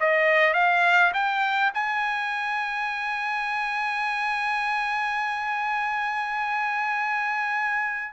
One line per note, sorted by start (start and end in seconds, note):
0.00 0.54 D#5
0.54 1.12 F5
1.14 1.72 G5
1.74 8.13 G#5